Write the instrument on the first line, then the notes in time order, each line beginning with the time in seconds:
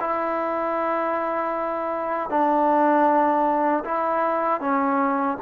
trombone
0.00 E4
2.30 D4
3.85 E4
4.61 C#4